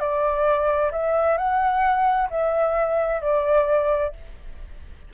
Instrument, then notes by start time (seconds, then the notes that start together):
flute
0.00 D5
0.92 E5
1.37 F#5
2.30 E5
3.22 D5